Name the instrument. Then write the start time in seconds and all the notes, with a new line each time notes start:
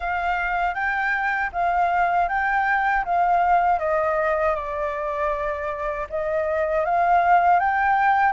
flute
0.00 F5
0.74 G5
1.52 F5
2.28 G5
3.04 F5
3.79 D#5
4.55 D5
6.09 D#5
6.85 F5
7.59 G5